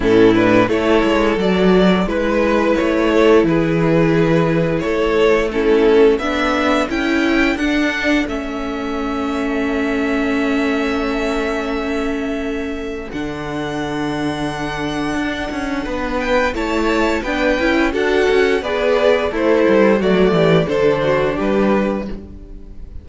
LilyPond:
<<
  \new Staff \with { instrumentName = "violin" } { \time 4/4 \tempo 4 = 87 a'8 b'8 cis''4 d''4 b'4 | cis''4 b'2 cis''4 | a'4 e''4 g''4 fis''4 | e''1~ |
e''2. fis''4~ | fis''2.~ fis''8 g''8 | a''4 g''4 fis''4 d''4 | c''4 d''4 c''4 b'4 | }
  \new Staff \with { instrumentName = "violin" } { \time 4/4 e'4 a'2 b'4~ | b'8 a'8 gis'2 a'4 | e'4 a'2.~ | a'1~ |
a'1~ | a'2. b'4 | cis''4 b'4 a'4 b'4 | e'4 fis'8 g'8 a'8 fis'8 g'4 | }
  \new Staff \with { instrumentName = "viola" } { \time 4/4 cis'8 d'8 e'4 fis'4 e'4~ | e'1 | cis'4 d'4 e'4 d'4 | cis'1~ |
cis'2. d'4~ | d'1 | e'4 d'8 e'8 fis'4 gis'4 | a'4 a4 d'2 | }
  \new Staff \with { instrumentName = "cello" } { \time 4/4 a,4 a8 gis8 fis4 gis4 | a4 e2 a4~ | a4 b4 cis'4 d'4 | a1~ |
a2. d4~ | d2 d'8 cis'8 b4 | a4 b8 cis'8 d'8 cis'8 b4 | a8 g8 fis8 e8 d4 g4 | }
>>